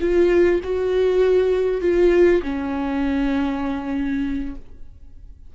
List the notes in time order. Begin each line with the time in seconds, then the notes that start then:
0.00 F4
0.63 F#4
1.81 F4
2.43 C#4